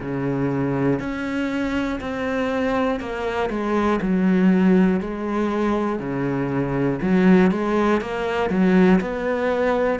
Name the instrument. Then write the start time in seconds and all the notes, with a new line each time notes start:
cello
0.00 C#3
1.00 C#4
2.00 C4
3.00 A#3
3.50 G#3
4.01 F#3
5.00 G#3
5.99 C#3
7.02 F#3
7.50 G#3
8.01 A#3
8.50 F#3
9.00 B3